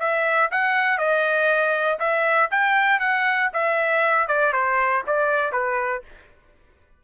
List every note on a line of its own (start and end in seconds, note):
0.00 0.50 E5
0.52 0.99 F#5
0.99 1.99 D#5
2.00 2.50 E5
2.51 3.00 G5
3.00 3.50 F#5
3.54 4.28 E5
4.28 4.53 D5
4.53 5.04 C5
5.07 5.53 D5
5.53 6.03 B4